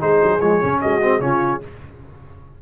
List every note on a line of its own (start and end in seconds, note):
0.00 0.22 G#3
0.00 0.40 D#4
0.00 0.81 G#4
0.00 0.40 C5
0.24 0.41 F#3
0.40 0.61 F3
0.40 0.61 G#3
0.40 0.81 C#5
0.61 0.83 C#3
0.61 1.01 C#4
0.81 1.20 G#3
0.81 1.22 F#4
0.81 1.21 D#5
1.02 1.20 C4
1.20 1.61 C#3
1.20 1.61 C#4
1.20 1.62 F4
1.20 1.61 C#5